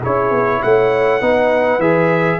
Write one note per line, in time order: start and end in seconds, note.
0.00 0.30 C#4
0.00 1.20 E4
0.00 0.59 G#4
0.00 0.62 C#5
0.30 0.60 B3
0.62 1.21 A3
0.62 1.21 C#5
0.62 1.80 F#5
1.20 1.78 B3
1.20 1.80 D#4
1.20 2.39 B4
1.78 2.38 E3
1.78 2.40 G#4
1.78 2.39 E5